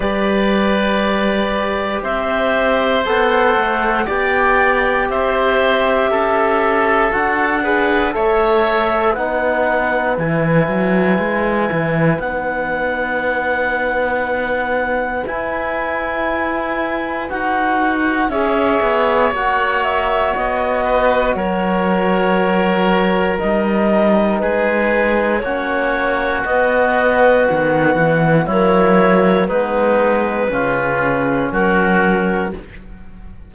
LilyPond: <<
  \new Staff \with { instrumentName = "clarinet" } { \time 4/4 \tempo 4 = 59 d''2 e''4 fis''4 | g''4 e''2 fis''4 | e''4 fis''4 gis''2 | fis''2. gis''4~ |
gis''4 fis''4 e''4 fis''8 e''8 | dis''4 cis''2 dis''4 | b'4 cis''4 dis''4 fis''4 | cis''4 b'2 ais'4 | }
  \new Staff \with { instrumentName = "oboe" } { \time 4/4 b'2 c''2 | d''4 c''4 a'4. b'8 | cis''4 b'2.~ | b'1~ |
b'2 cis''2~ | cis''8 b'8 ais'2. | gis'4 fis'2. | e'4 dis'4 f'4 fis'4 | }
  \new Staff \with { instrumentName = "trombone" } { \time 4/4 g'2. a'4 | g'2. fis'8 gis'8 | a'4 dis'4 e'2 | dis'2. e'4~ |
e'4 fis'4 gis'4 fis'4~ | fis'2. dis'4~ | dis'4 cis'4 b2 | ais4 b4 cis'2 | }
  \new Staff \with { instrumentName = "cello" } { \time 4/4 g2 c'4 b8 a8 | b4 c'4 cis'4 d'4 | a4 b4 e8 fis8 gis8 e8 | b2. e'4~ |
e'4 dis'4 cis'8 b8 ais4 | b4 fis2 g4 | gis4 ais4 b4 dis8 e8 | fis4 gis4 cis4 fis4 | }
>>